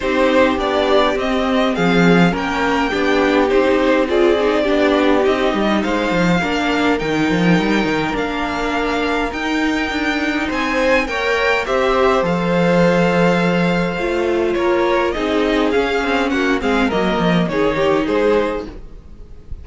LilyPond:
<<
  \new Staff \with { instrumentName = "violin" } { \time 4/4 \tempo 4 = 103 c''4 d''4 dis''4 f''4 | g''2 c''4 d''4~ | d''4 dis''4 f''2 | g''2 f''2 |
g''2 gis''4 g''4 | e''4 f''2.~ | f''4 cis''4 dis''4 f''4 | fis''8 f''8 dis''4 cis''4 c''4 | }
  \new Staff \with { instrumentName = "violin" } { \time 4/4 g'2. gis'4 | ais'4 g'2 gis'4 | g'2 c''4 ais'4~ | ais'1~ |
ais'2 c''4 cis''4 | c''1~ | c''4 ais'4 gis'2 | fis'8 gis'8 ais'4 gis'8 g'8 gis'4 | }
  \new Staff \with { instrumentName = "viola" } { \time 4/4 dis'4 d'4 c'2 | cis'4 d'4 dis'4 f'8 dis'8 | d'4 dis'2 d'4 | dis'2 d'2 |
dis'2. ais'4 | g'4 a'2. | f'2 dis'4 cis'4~ | cis'8 c'8 ais4 dis'2 | }
  \new Staff \with { instrumentName = "cello" } { \time 4/4 c'4 b4 c'4 f4 | ais4 b4 c'2 | b4 c'8 g8 gis8 f8 ais4 | dis8 f8 g8 dis8 ais2 |
dis'4 d'4 c'4 ais4 | c'4 f2. | a4 ais4 c'4 cis'8 c'8 | ais8 gis8 fis8 f8 dis4 gis4 | }
>>